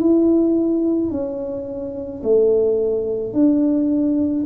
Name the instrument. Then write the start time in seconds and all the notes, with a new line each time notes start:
tuba
0.00 E4
1.11 C#4
2.23 A3
3.33 D4